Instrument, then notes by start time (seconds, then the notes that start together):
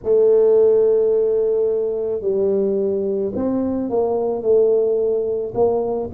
tuba
0.03 A3
2.21 G3
3.35 C4
3.89 A#3
4.41 A3
5.54 A#3